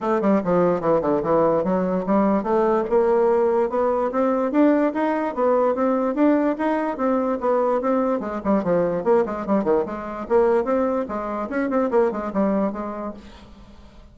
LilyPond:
\new Staff \with { instrumentName = "bassoon" } { \time 4/4 \tempo 4 = 146 a8 g8 f4 e8 d8 e4 | fis4 g4 a4 ais4~ | ais4 b4 c'4 d'4 | dis'4 b4 c'4 d'4 |
dis'4 c'4 b4 c'4 | gis8 g8 f4 ais8 gis8 g8 dis8 | gis4 ais4 c'4 gis4 | cis'8 c'8 ais8 gis8 g4 gis4 | }